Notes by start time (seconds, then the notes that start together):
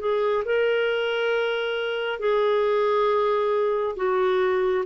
0.00 G#4
0.45 A#4
2.20 G#4
3.97 F#4